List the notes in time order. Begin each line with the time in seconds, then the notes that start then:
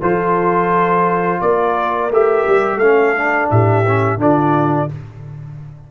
0.00 F3 F4 A4 C5
1.40 A#3 A#4 D5
2.10 A3 G4 E5
2.47 G3
2.75 A3 A4 F5
2.82 C#4
3.15 D4
3.50 A2 G4 E5
3.87 C#4
4.17 D3 D4 F4 D5